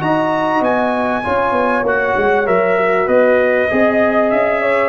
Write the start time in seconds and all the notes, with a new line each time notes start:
0.00 D#4 F#4 D#5 A#5
0.60 B3 G#5
1.23 C#4 F4 C#5
1.51 B3
1.82 A#3 F#4 F#5
2.16 G#3
2.45 F#3 A#4 E5
2.77 F#4
3.06 B3 B4 D#5
3.70 C4 G#4 D#5
4.30 C#4 E5
4.62 C#5